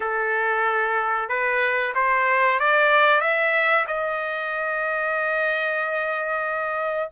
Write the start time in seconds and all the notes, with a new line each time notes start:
0.00 A4
1.28 B4
1.94 C5
2.59 D5
3.21 E5
3.87 D#5